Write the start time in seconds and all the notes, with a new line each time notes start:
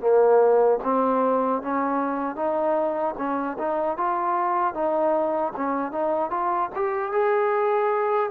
0.00 A#3
0.84 C4
1.61 C#4
2.35 D#4
3.17 C#4
3.58 D#4
3.97 F4
4.74 D#4
5.56 C#4
5.91 D#4
6.30 F4
6.75 G4
7.12 G#4